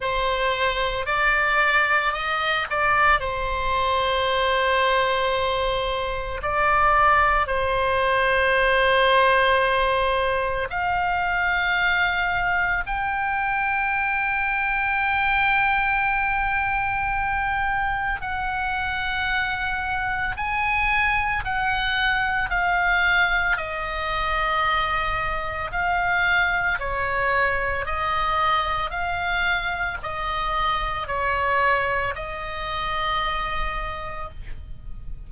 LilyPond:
\new Staff \with { instrumentName = "oboe" } { \time 4/4 \tempo 4 = 56 c''4 d''4 dis''8 d''8 c''4~ | c''2 d''4 c''4~ | c''2 f''2 | g''1~ |
g''4 fis''2 gis''4 | fis''4 f''4 dis''2 | f''4 cis''4 dis''4 f''4 | dis''4 cis''4 dis''2 | }